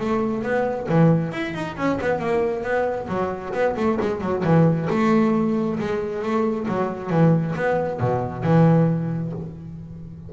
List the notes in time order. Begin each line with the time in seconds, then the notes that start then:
0.00 A3
0.43 B3
0.89 E3
1.32 E4
1.54 D#4
1.77 C#4
2.01 B3
2.19 A#3
2.63 B3
3.08 F#3
3.53 B3
3.76 A3
4.01 G#3
4.21 F#3
4.44 E3
4.90 A3
5.79 G#3
6.22 A3
6.68 F#3
7.10 E3
7.55 B3
8.00 B2
8.44 E3